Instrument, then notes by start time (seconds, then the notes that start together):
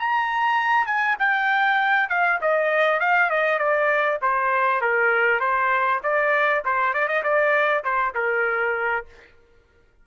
trumpet
0.00 A#5
0.87 G#5
1.19 G5
2.10 F5
2.42 D#5
3.01 F5
3.31 D#5
3.59 D5
4.22 C5
4.82 A#4
5.41 C5
6.04 D5
6.65 C5
6.94 D5
7.08 D#5
7.24 D5
7.84 C5
8.15 A#4